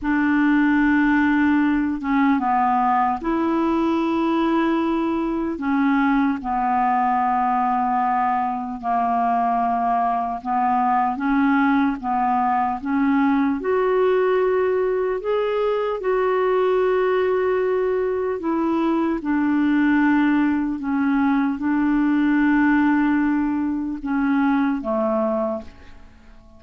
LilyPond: \new Staff \with { instrumentName = "clarinet" } { \time 4/4 \tempo 4 = 75 d'2~ d'8 cis'8 b4 | e'2. cis'4 | b2. ais4~ | ais4 b4 cis'4 b4 |
cis'4 fis'2 gis'4 | fis'2. e'4 | d'2 cis'4 d'4~ | d'2 cis'4 a4 | }